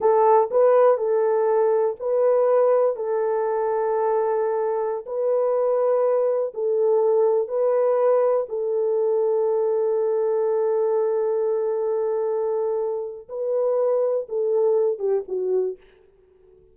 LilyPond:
\new Staff \with { instrumentName = "horn" } { \time 4/4 \tempo 4 = 122 a'4 b'4 a'2 | b'2 a'2~ | a'2~ a'16 b'4.~ b'16~ | b'4~ b'16 a'2 b'8.~ |
b'4~ b'16 a'2~ a'8.~ | a'1~ | a'2. b'4~ | b'4 a'4. g'8 fis'4 | }